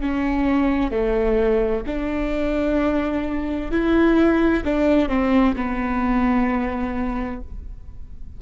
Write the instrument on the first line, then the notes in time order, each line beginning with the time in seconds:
viola
0.00 C#4
0.91 A3
1.86 D4
3.71 E4
4.64 D4
5.09 C4
5.56 B3